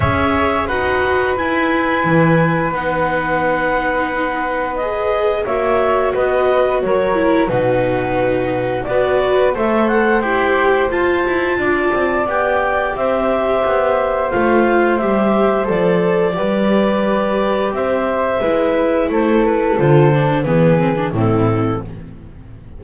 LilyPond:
<<
  \new Staff \with { instrumentName = "clarinet" } { \time 4/4 \tempo 4 = 88 e''4 fis''4 gis''2 | fis''2. dis''4 | e''4 dis''4 cis''4 b'4~ | b'4 d''4 e''8 fis''8 g''4 |
a''2 g''4 e''4~ | e''4 f''4 e''4 d''4~ | d''2 e''2 | c''8 b'8 c''4 b'4 a'4 | }
  \new Staff \with { instrumentName = "flute" } { \time 4/4 cis''4 b'2.~ | b'1 | cis''4 b'4 ais'4 fis'4~ | fis'4 b'4 c''2~ |
c''4 d''2 c''4~ | c''1 | b'2 c''4 b'4 | a'2 gis'4 e'4 | }
  \new Staff \with { instrumentName = "viola" } { \time 4/4 gis'4 fis'4 e'2 | dis'2. gis'4 | fis'2~ fis'8 e'8 dis'4~ | dis'4 fis'4 a'4 g'4 |
f'2 g'2~ | g'4 f'4 g'4 a'4 | g'2. e'4~ | e'4 f'8 d'8 b8 c'16 d'16 c'4 | }
  \new Staff \with { instrumentName = "double bass" } { \time 4/4 cis'4 dis'4 e'4 e4 | b1 | ais4 b4 fis4 b,4~ | b,4 b4 a4 e'4 |
f'8 e'8 d'8 c'8 b4 c'4 | b4 a4 g4 f4 | g2 c'4 gis4 | a4 d4 e4 a,4 | }
>>